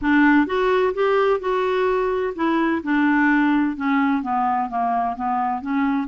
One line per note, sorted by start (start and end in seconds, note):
0.01 0.46 D4
0.46 0.93 F#4
0.94 1.40 G4
1.40 2.33 F#4
2.35 2.82 E4
2.83 3.76 D4
3.76 4.22 C#4
4.22 4.69 B3
4.69 5.16 A#3
5.16 5.61 B3
5.61 6.07 C#4